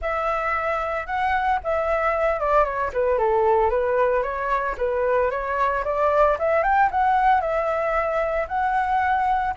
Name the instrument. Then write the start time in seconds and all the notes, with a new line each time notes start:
flute
0.01 E5
1.06 F#5
1.63 E5
2.39 D5
2.64 C#5
2.93 B4
3.18 A4
3.70 B4
4.22 C#5
4.77 B4
5.30 C#5
5.84 D5
6.39 E5
6.63 G5
6.91 F#5
7.40 E5
8.48 F#5